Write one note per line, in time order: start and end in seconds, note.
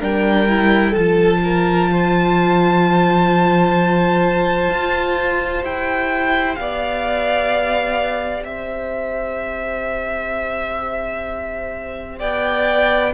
0.00 0.95 G3
0.00 0.47 D4
0.00 0.91 A#4
0.00 0.94 G5
0.49 0.96 E4
0.91 4.70 F3
0.91 1.38 A4
0.91 5.63 A5
0.98 5.62 F4
1.44 1.91 A#4
1.91 6.60 C5
4.70 5.63 F4
5.62 6.57 E4
5.62 13.12 G4
5.62 6.55 G5
6.55 8.46 B3
6.55 8.47 D5
6.55 8.43 F5
8.45 12.21 C4
8.45 12.19 C5
8.45 12.19 E5
12.19 13.14 B3
12.19 13.13 D5
12.19 13.13 G5